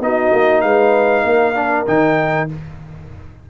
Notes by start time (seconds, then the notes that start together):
0.00 B3 D#4 F#4 D#5
0.32 A#3
0.61 G#3 B4 F5
1.23 A#3 A#4
1.55 D4
1.86 D#3 D#4 G5